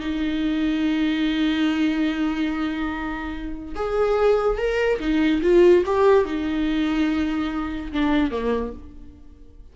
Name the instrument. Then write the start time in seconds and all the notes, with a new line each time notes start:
viola
0.00 D#4
3.76 G#4
4.58 A#4
5.00 D#4
5.42 F4
5.86 G4
6.25 D#4
7.92 D4
8.31 A#3